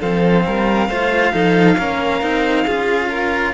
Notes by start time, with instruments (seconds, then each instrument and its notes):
0.00 cello F3 C4, violin A4 F5
0.46 cello G3, violin A#4
0.88 cello A3 F4, violin C5
1.33 cello F3 D#4, violin A4
1.78 cello A#3 C#4, violin A#4
2.22 cello C4 D#4
2.66 cello C#4 F4, violin G#4
3.10 violin A#4